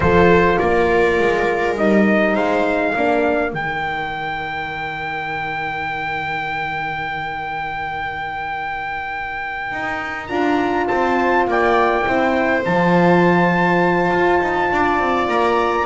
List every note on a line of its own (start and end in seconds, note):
0.00 0.57 F3
0.00 1.77 F4
0.00 0.59 A4
0.00 0.58 C5
0.58 1.19 A#3
0.58 2.33 A#4
0.58 1.76 D5
1.19 1.78 G#3
1.77 2.34 G3
1.77 2.95 D#4
1.77 2.35 D#5
2.33 2.93 G#3
2.33 2.91 C5
2.33 3.53 F5
2.91 3.53 A#3
2.91 10.85 A#4
2.97 3.52 D4
3.52 9.71 D#3
3.52 10.28 D#4
3.52 10.26 G5
9.71 10.29 D#4
10.26 10.88 D4
10.26 12.05 F4
10.26 10.85 A#5
10.87 11.47 C4
10.87 11.47 C5
10.87 11.46 A5
11.47 12.06 A#3
11.47 12.08 D5
11.47 12.64 G5
12.06 12.65 C4
12.06 12.64 E4
12.06 14.72 C5
12.64 14.11 F3
12.64 15.86 F4
12.64 15.28 A5
14.11 14.40 F4
14.40 14.70 D#4
14.71 14.99 D4
14.71 15.86 D5
14.99 15.28 C4
15.28 15.86 A#3
15.28 15.86 A#5